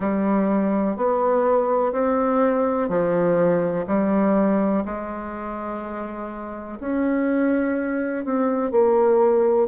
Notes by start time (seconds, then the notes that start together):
0.00 G3
0.96 B3
1.92 C4
2.89 F3
3.87 G3
4.85 G#3
6.80 C#4
8.25 C4
8.71 A#3